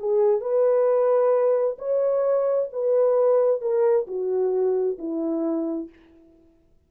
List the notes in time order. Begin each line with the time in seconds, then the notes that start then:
0.00 G#4
0.41 B4
1.79 C#5
2.73 B4
3.62 A#4
4.08 F#4
4.99 E4